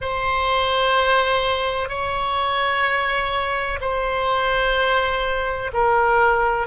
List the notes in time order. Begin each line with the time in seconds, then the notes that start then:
0.01 C5
1.88 C#5
3.81 C5
5.73 A#4